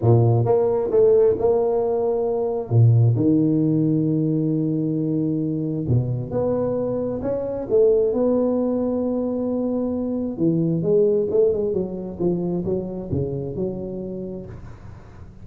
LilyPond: \new Staff \with { instrumentName = "tuba" } { \time 4/4 \tempo 4 = 133 ais,4 ais4 a4 ais4~ | ais2 ais,4 dis4~ | dis1~ | dis4 b,4 b2 |
cis'4 a4 b2~ | b2. e4 | gis4 a8 gis8 fis4 f4 | fis4 cis4 fis2 | }